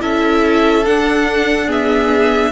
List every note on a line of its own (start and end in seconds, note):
0.00 0.87 C#4
0.00 0.85 E4
0.00 1.68 A4
0.00 0.86 E5
0.85 1.68 D4
0.85 2.53 D4
0.85 1.70 F#5
1.68 2.52 B3
1.68 2.52 G#4
1.68 2.53 E5